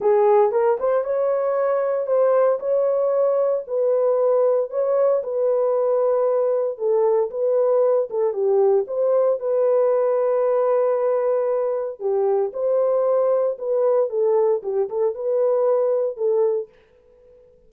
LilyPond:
\new Staff \with { instrumentName = "horn" } { \time 4/4 \tempo 4 = 115 gis'4 ais'8 c''8 cis''2 | c''4 cis''2 b'4~ | b'4 cis''4 b'2~ | b'4 a'4 b'4. a'8 |
g'4 c''4 b'2~ | b'2. g'4 | c''2 b'4 a'4 | g'8 a'8 b'2 a'4 | }